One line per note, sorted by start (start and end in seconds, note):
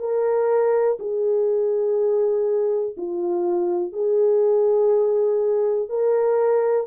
0.00 0.98 A#4
1.00 2.96 G#4
2.98 3.93 F4
3.93 5.90 G#4
5.90 6.88 A#4